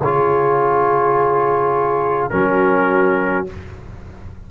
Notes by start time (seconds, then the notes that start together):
0.00 C#3 F4 G#4 C#5
2.30 F#3 C#4 F#4 A#4